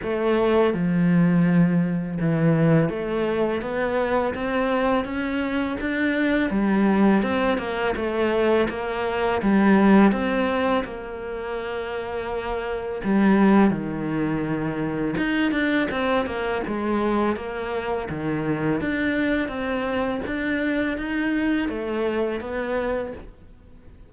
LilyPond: \new Staff \with { instrumentName = "cello" } { \time 4/4 \tempo 4 = 83 a4 f2 e4 | a4 b4 c'4 cis'4 | d'4 g4 c'8 ais8 a4 | ais4 g4 c'4 ais4~ |
ais2 g4 dis4~ | dis4 dis'8 d'8 c'8 ais8 gis4 | ais4 dis4 d'4 c'4 | d'4 dis'4 a4 b4 | }